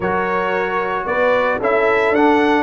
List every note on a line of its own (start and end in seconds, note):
0.00 1.04 F#3
0.00 1.62 F#4
0.00 1.05 A#4
0.00 1.06 C#5
1.06 1.59 B3
1.06 1.59 B4
1.06 1.59 D5
1.59 2.10 C#4
1.59 2.15 E4
1.59 2.63 A4
1.59 2.14 E5
2.10 2.63 D4
2.10 2.63 F#5